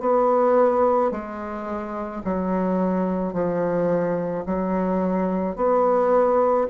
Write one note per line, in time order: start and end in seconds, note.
0.00 1.11 B3
1.11 2.22 G#3
2.24 3.33 F#3
3.33 4.44 F3
4.46 5.56 F#3
5.56 6.67 B3